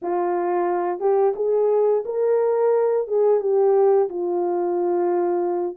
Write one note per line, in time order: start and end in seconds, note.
0.02 0.99 F4
0.99 1.33 G4
1.35 2.03 G#4
2.05 3.07 A#4
3.07 3.40 G#4
3.40 4.08 G4
4.09 5.76 F4